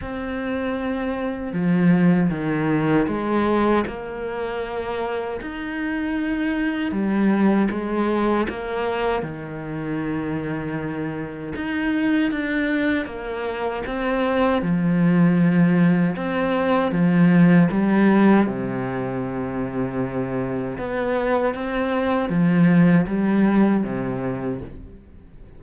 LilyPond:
\new Staff \with { instrumentName = "cello" } { \time 4/4 \tempo 4 = 78 c'2 f4 dis4 | gis4 ais2 dis'4~ | dis'4 g4 gis4 ais4 | dis2. dis'4 |
d'4 ais4 c'4 f4~ | f4 c'4 f4 g4 | c2. b4 | c'4 f4 g4 c4 | }